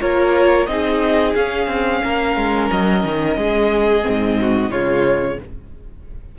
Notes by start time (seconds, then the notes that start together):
0.00 A#3 F4 A#4 C#5
0.66 C4 D#4 G#4 D#5
1.35 C#4 F5
1.67 C4
2.04 A#3 A#4
2.36 G#3
2.71 F#3 D#5
3.04 D#3
3.36 G#3 G#4
4.02 G#2 C4
4.40 F#4
4.70 C#3 G#3 F4 C#5